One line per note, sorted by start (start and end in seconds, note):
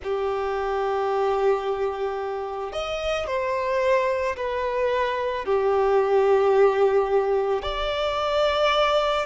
0.03 2.72 G4
2.72 3.27 D#5
3.27 4.36 C5
4.36 5.45 B4
5.45 7.62 G4
7.62 9.25 D5